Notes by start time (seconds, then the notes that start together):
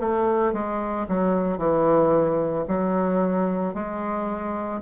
0.00 A3
0.54 G#3
1.09 F#3
1.58 E3
2.68 F#3
3.75 G#3